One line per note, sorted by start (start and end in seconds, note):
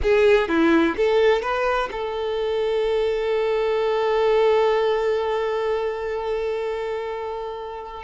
0.02 0.48 G#4
0.48 0.95 E4
0.96 1.42 A4
1.42 1.89 B4
1.91 8.03 A4